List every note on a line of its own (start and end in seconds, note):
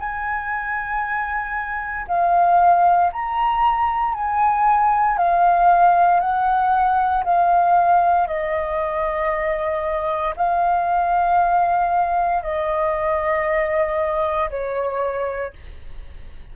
0.00 2.07 G#5
2.08 3.12 F5
3.13 4.15 A#5
4.15 5.18 G#5
5.18 6.21 F5
6.21 7.24 F#5
7.25 8.28 F5
8.28 10.34 D#5
10.37 12.43 F5
12.43 14.50 D#5
14.50 15.54 C#5